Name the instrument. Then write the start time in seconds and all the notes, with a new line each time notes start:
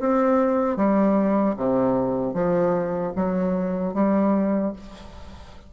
bassoon
0.00 C4
0.77 G3
1.57 C3
2.34 F3
3.16 F#3
3.94 G3